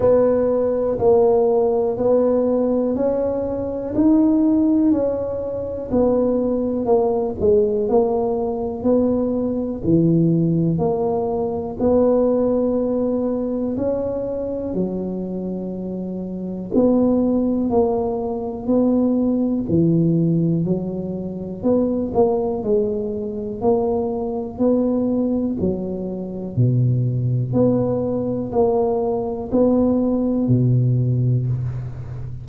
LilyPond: \new Staff \with { instrumentName = "tuba" } { \time 4/4 \tempo 4 = 61 b4 ais4 b4 cis'4 | dis'4 cis'4 b4 ais8 gis8 | ais4 b4 e4 ais4 | b2 cis'4 fis4~ |
fis4 b4 ais4 b4 | e4 fis4 b8 ais8 gis4 | ais4 b4 fis4 b,4 | b4 ais4 b4 b,4 | }